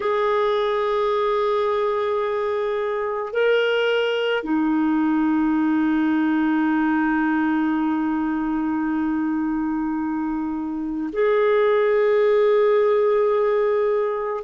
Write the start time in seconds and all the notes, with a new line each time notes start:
0.00 G#4
3.32 A#4
4.43 D#4
11.12 G#4